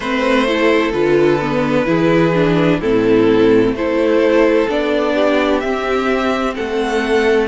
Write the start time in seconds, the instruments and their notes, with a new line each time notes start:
0.00 cello A3, viola C4, violin B4 C5
0.47 viola E4, violin A4
0.92 cello D3, viola F4, violin B4
1.41 viola B3
1.85 cello E3, viola E4, violin G#4
2.34 viola D4
2.79 cello A2, viola C4, violin E4 A4
3.71 cello A3, viola E4, violin A4 C5
4.68 cello B3, viola D4, violin D5
5.14 violin G4
5.60 viola C4, cello C4, violin E5
6.55 cello A3, violin A4 F#5